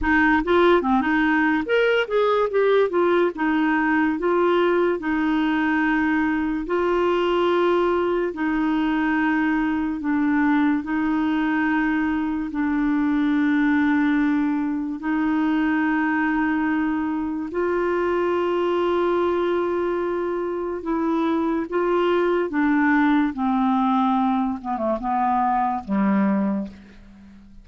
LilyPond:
\new Staff \with { instrumentName = "clarinet" } { \time 4/4 \tempo 4 = 72 dis'8 f'8 c'16 dis'8. ais'8 gis'8 g'8 f'8 | dis'4 f'4 dis'2 | f'2 dis'2 | d'4 dis'2 d'4~ |
d'2 dis'2~ | dis'4 f'2.~ | f'4 e'4 f'4 d'4 | c'4. b16 a16 b4 g4 | }